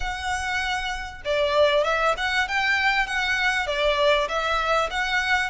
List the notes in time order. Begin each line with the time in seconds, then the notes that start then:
0.00 F#5
1.24 D5
1.84 E5
2.17 F#5
2.48 G5
3.06 F#5
3.66 D5
4.28 E5
4.90 F#5